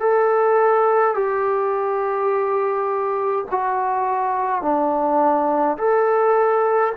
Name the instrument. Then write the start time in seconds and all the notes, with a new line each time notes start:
trombone
0.00 A4
1.14 G4
3.51 F#4
4.62 D4
5.77 A4